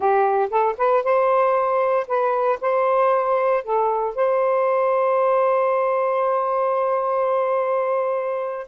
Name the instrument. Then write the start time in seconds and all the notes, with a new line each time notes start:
saxophone
0.00 G4
0.49 A4
0.77 B4
1.03 C5
2.07 B4
2.61 C5
3.63 A4
4.15 C5